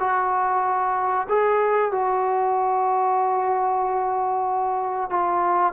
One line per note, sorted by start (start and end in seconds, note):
0.00 1.28 F#4
1.29 1.92 G#4
1.92 5.10 F#4
5.10 5.74 F4